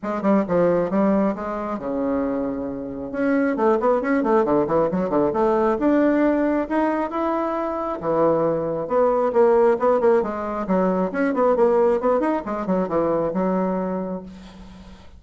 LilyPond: \new Staff \with { instrumentName = "bassoon" } { \time 4/4 \tempo 4 = 135 gis8 g8 f4 g4 gis4 | cis2. cis'4 | a8 b8 cis'8 a8 d8 e8 fis8 d8 | a4 d'2 dis'4 |
e'2 e2 | b4 ais4 b8 ais8 gis4 | fis4 cis'8 b8 ais4 b8 dis'8 | gis8 fis8 e4 fis2 | }